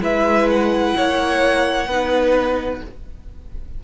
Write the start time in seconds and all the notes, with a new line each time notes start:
0.00 G#3 E4 B4 E5
0.50 F#5
0.96 A#3 C#5
1.87 B3 D#4 B4